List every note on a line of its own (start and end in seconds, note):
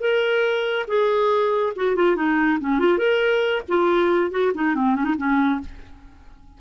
0.00 0.86 A#4
0.87 1.73 G#4
1.76 1.96 F#4
1.96 2.16 F4
2.16 2.59 D#4
2.60 2.79 C#4
2.79 2.98 F4
2.98 3.62 A#4
3.68 4.31 F4
4.31 4.52 F#4
4.54 4.75 D#4
4.75 4.95 C4
4.95 5.04 C#4
5.04 5.15 D#4
5.18 5.60 C#4